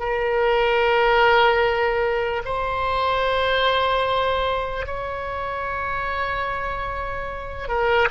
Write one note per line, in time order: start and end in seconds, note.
0.00 2.43 A#4
2.45 4.86 C5
4.86 7.68 C#5
7.68 8.09 A#4